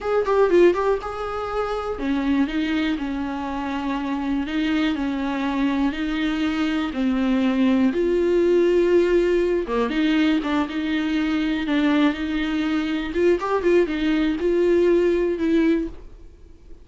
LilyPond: \new Staff \with { instrumentName = "viola" } { \time 4/4 \tempo 4 = 121 gis'8 g'8 f'8 g'8 gis'2 | cis'4 dis'4 cis'2~ | cis'4 dis'4 cis'2 | dis'2 c'2 |
f'2.~ f'8 ais8 | dis'4 d'8 dis'2 d'8~ | d'8 dis'2 f'8 g'8 f'8 | dis'4 f'2 e'4 | }